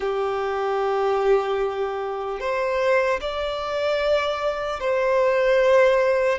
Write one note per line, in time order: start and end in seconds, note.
0.00 2.40 G4
2.40 3.20 C5
3.20 4.80 D5
4.80 6.38 C5